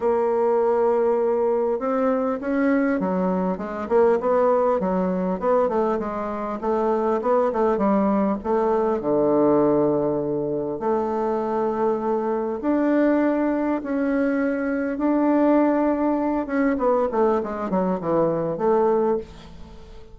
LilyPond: \new Staff \with { instrumentName = "bassoon" } { \time 4/4 \tempo 4 = 100 ais2. c'4 | cis'4 fis4 gis8 ais8 b4 | fis4 b8 a8 gis4 a4 | b8 a8 g4 a4 d4~ |
d2 a2~ | a4 d'2 cis'4~ | cis'4 d'2~ d'8 cis'8 | b8 a8 gis8 fis8 e4 a4 | }